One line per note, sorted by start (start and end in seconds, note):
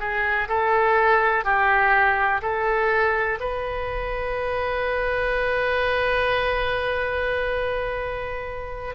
0.00 0.48 G#4
0.49 1.45 A4
1.45 2.41 G4
2.42 3.39 A4
3.40 8.95 B4